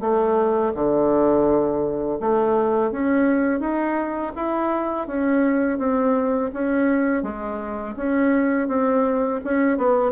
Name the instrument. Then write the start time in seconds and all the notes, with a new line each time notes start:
bassoon
0.00 A3
0.74 D3
2.19 A3
2.91 C#4
3.60 D#4
4.35 E4
5.07 C#4
5.78 C4
6.53 C#4
7.23 G#3
7.96 C#4
8.68 C4
9.44 C#4
9.78 B3